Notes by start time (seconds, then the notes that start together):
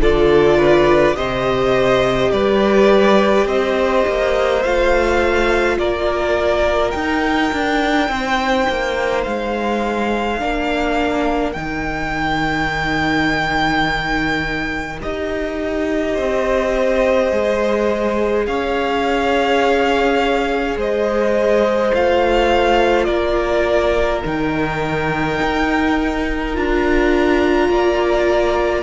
0.00 D3 F4 A4 D5
0.57 B4
1.15 C3 G4 C5 D#5
2.31 G3 B4 D5
3.46 C4 C5 D#5
4.07 A#3
4.62 A3 F4 F5
5.78 A#3 A#4 D5
6.91 D#4 G5
7.53 D4
8.08 C4 C5
8.69 A#3
9.24 G#3 F5
10.39 A#3 D4 A#4
11.52 D#3 D#4 G5
15.00 D#4 G4 D#5
16.14 C4 C5
17.31 G#3 G#4
18.46 C#4 C#5 F5
20.76 G#3 C5 D#5
21.94 A3 F4 F5
23.04 A#3 A#4 D5
24.25 D#3 D#4 G5
25.42 D#4
26.54 D4 F4 A#5
27.69 A#3 D5